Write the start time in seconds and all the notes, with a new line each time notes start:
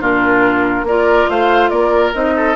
0.00 A#2 D4 F4 A#4
0.84 A#3 F4 A#4 D5
1.29 A3 C5 F5
1.70 A#3 A#4 D5
2.14 C4 D#4 D#5
2.37 A4